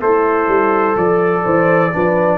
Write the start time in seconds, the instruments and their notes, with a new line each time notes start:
0.00 tuba A3, horn E4, trombone A4, trumpet C5
0.47 tuba G3
0.96 tuba F3, horn A4, trumpet D5
1.44 tuba E3, horn C5
1.93 tuba F3, trombone D4, horn B4